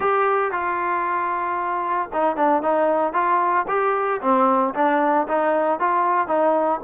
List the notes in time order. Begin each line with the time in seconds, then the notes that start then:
0.00 G4
0.51 F4
2.12 D#4
2.36 D4
2.62 D#4
3.13 F4
3.68 G4
4.21 C4
4.74 D4
5.28 D#4
5.79 F4
6.27 D#4